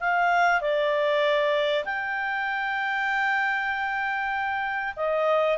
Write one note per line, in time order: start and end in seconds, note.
0.00 0.60 F5
0.60 1.84 D5
1.84 4.94 G5
4.96 5.58 D#5